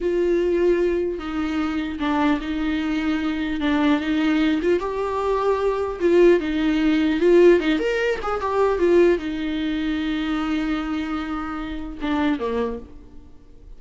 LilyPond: \new Staff \with { instrumentName = "viola" } { \time 4/4 \tempo 4 = 150 f'2. dis'4~ | dis'4 d'4 dis'2~ | dis'4 d'4 dis'4. f'8 | g'2. f'4 |
dis'2 f'4 dis'8 ais'8~ | ais'8 gis'8 g'4 f'4 dis'4~ | dis'1~ | dis'2 d'4 ais4 | }